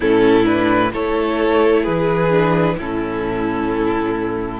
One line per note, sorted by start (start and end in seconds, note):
0.00 0.94 A2
0.00 0.44 C#4
0.00 0.92 E4
0.00 0.45 A4
0.44 0.90 D4
0.44 0.91 B4
0.92 1.87 A3
0.92 2.30 E4
0.92 1.82 A4
0.92 1.84 C#5
1.82 2.77 E3
1.82 2.75 G#4
1.82 2.76 B4
2.30 2.76 D4
2.77 4.60 A2
2.77 4.60 C#4
2.77 4.60 E4
2.77 4.60 A4